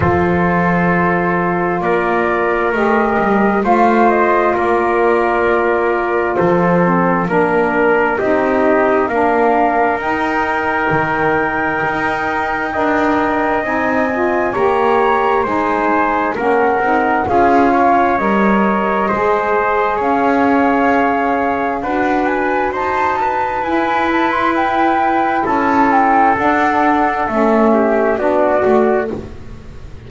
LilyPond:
<<
  \new Staff \with { instrumentName = "flute" } { \time 4/4 \tempo 4 = 66 c''2 d''4 dis''4 | f''8 dis''8 d''2 c''4 | ais'4 dis''4 f''4 g''4~ | g''2. gis''4 |
ais''4 gis''4 fis''4 f''4 | dis''2 f''2 | fis''8 gis''8 a''4 gis''8 a''16 c'''16 g''4 | a''8 g''8 fis''4 e''4 d''4 | }
  \new Staff \with { instrumentName = "trumpet" } { \time 4/4 a'2 ais'2 | c''4 ais'2 a'4 | ais'4 g'4 ais'2~ | ais'2 dis''2 |
cis''4 c''4 ais'4 gis'8 cis''8~ | cis''4 c''4 cis''2 | b'4 c''8 b'2~ b'8 | a'2~ a'8 g'8 fis'4 | }
  \new Staff \with { instrumentName = "saxophone" } { \time 4/4 f'2. g'4 | f'2.~ f'8 c'8 | d'4 dis'4 d'4 dis'4~ | dis'2 ais'4 dis'8 f'8 |
g'4 dis'4 cis'8 dis'8 f'4 | ais'4 gis'2. | fis'2 e'2~ | e'4 d'4 cis'4 d'8 fis'8 | }
  \new Staff \with { instrumentName = "double bass" } { \time 4/4 f2 ais4 a8 g8 | a4 ais2 f4 | ais4 c'4 ais4 dis'4 | dis4 dis'4 d'4 c'4 |
ais4 gis4 ais8 c'8 cis'4 | g4 gis4 cis'2 | d'4 dis'4 e'2 | cis'4 d'4 a4 b8 a8 | }
>>